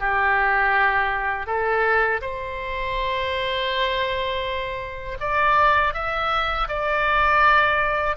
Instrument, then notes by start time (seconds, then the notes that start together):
oboe
0.00 G4
1.46 A4
2.22 C5
5.20 D5
5.94 E5
6.68 D5